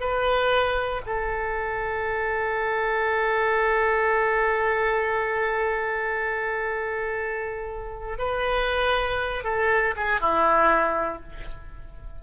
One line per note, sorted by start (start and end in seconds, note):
0.00 1.02 B4
1.06 8.18 A4
8.18 9.43 B4
9.43 9.94 A4
9.96 10.21 G#4
10.21 11.22 E4